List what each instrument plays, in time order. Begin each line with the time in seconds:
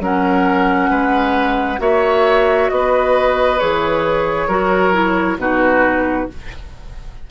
0.00 bassoon F#3, clarinet C#4, oboe A#4, flute F#5
0.90 bassoon G#3, oboe B4
1.79 bassoon A#3, clarinet F#4, oboe C#5, flute E5
2.69 bassoon B3, oboe B4, flute D#5
3.59 bassoon E3, clarinet G#4, flute C#5
4.48 bassoon F#3, clarinet F#4, oboe A#4
4.93 clarinet E4
5.37 bassoon B2, clarinet D#4, oboe F#4, flute B4